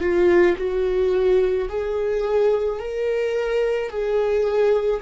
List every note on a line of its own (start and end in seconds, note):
0.00 0.56 F4
0.57 1.68 F#4
1.69 2.79 G#4
2.79 3.89 A#4
3.89 5.01 G#4